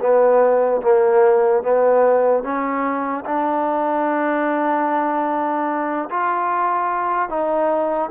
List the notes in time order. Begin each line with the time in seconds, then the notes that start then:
0.00 B3
0.81 A#3
1.63 B3
2.43 C#4
3.25 D4
6.10 F4
7.29 D#4